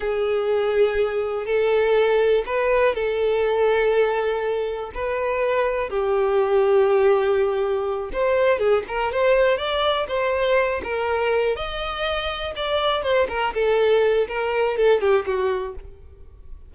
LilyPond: \new Staff \with { instrumentName = "violin" } { \time 4/4 \tempo 4 = 122 gis'2. a'4~ | a'4 b'4 a'2~ | a'2 b'2 | g'1~ |
g'8 c''4 gis'8 ais'8 c''4 d''8~ | d''8 c''4. ais'4. dis''8~ | dis''4. d''4 c''8 ais'8 a'8~ | a'4 ais'4 a'8 g'8 fis'4 | }